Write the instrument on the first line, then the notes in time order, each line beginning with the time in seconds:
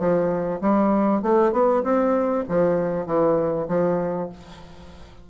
bassoon
0.00 F3
0.62 G3
1.23 A3
1.53 B3
1.84 C4
2.49 F3
3.07 E3
3.69 F3